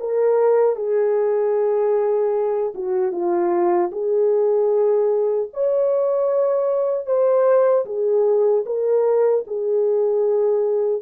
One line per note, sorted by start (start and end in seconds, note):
0.00 0.76 A#4
0.76 2.74 G#4
2.75 3.12 F#4
3.12 3.91 F4
3.92 5.50 G#4
5.54 7.07 C#5
7.07 7.86 C5
7.86 8.65 G#4
8.66 9.45 A#4
9.47 11.03 G#4